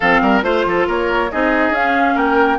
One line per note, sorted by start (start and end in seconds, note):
0.00 0.21 F3
0.00 0.42 C4
0.00 0.21 A4
0.00 0.41 F5
0.21 0.43 G3
0.21 0.44 A#4
0.42 0.64 A3
0.42 1.29 F4
0.42 0.86 C5
0.42 0.65 C5
0.65 0.86 F3
0.65 0.87 A4
0.87 1.31 A#3
0.87 1.30 A#4
0.87 1.31 C#5
1.31 1.70 C4
1.31 1.74 D#4
1.31 2.14 G#4
1.31 1.74 D#5
1.70 2.13 C#4
1.70 2.59 C#4
1.70 2.17 F5
2.14 2.59 A#3
2.14 2.58 A#4
2.14 2.59 G5